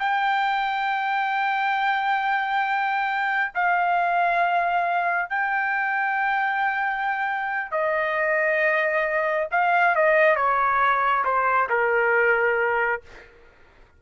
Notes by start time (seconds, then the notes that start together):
0.00 G5
3.55 F5
5.30 G5
7.72 D#5
9.52 F5
9.96 D#5
10.36 C#5
11.25 C5
11.70 A#4